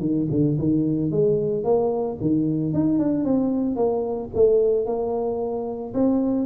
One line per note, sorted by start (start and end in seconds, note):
0.00 0.27 D#3
0.30 0.57 D3
0.58 1.11 D#3
1.11 1.64 G#3
1.64 2.18 A#3
2.21 2.74 D#3
2.74 2.99 D#4
2.99 3.24 D4
3.24 3.76 C4
3.76 4.30 A#3
4.34 4.86 A3
4.86 5.93 A#3
5.94 6.46 C4